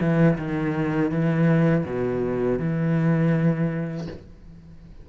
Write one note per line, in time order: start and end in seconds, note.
0.00 0.37 E3
0.37 1.11 D#3
1.11 1.85 E3
1.85 2.59 B2
2.59 4.07 E3